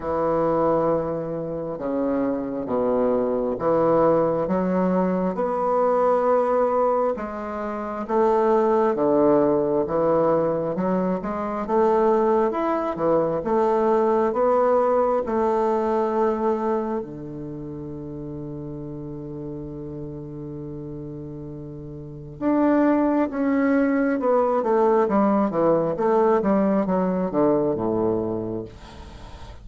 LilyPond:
\new Staff \with { instrumentName = "bassoon" } { \time 4/4 \tempo 4 = 67 e2 cis4 b,4 | e4 fis4 b2 | gis4 a4 d4 e4 | fis8 gis8 a4 e'8 e8 a4 |
b4 a2 d4~ | d1~ | d4 d'4 cis'4 b8 a8 | g8 e8 a8 g8 fis8 d8 a,4 | }